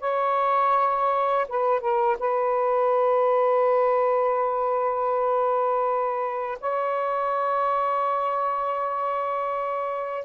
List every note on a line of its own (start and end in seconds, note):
0.00 1.46 C#5
1.48 1.80 B4
1.80 2.17 A#4
2.20 6.59 B4
6.60 10.25 C#5